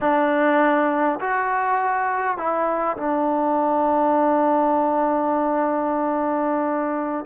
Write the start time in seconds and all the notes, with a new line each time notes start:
0.00 D4
1.19 F#4
2.37 E4
2.97 D4